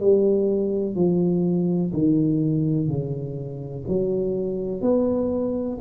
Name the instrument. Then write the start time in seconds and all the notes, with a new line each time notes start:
tuba
0.00 G3
0.95 F3
1.94 D#3
2.88 C#3
3.88 F#3
4.81 B3